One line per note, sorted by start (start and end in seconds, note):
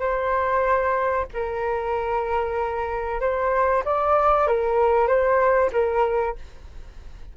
0.00 1.26 C5
1.34 3.21 A#4
3.21 3.84 C5
3.85 4.48 D5
4.48 5.08 A#4
5.08 5.71 C5
5.73 6.36 A#4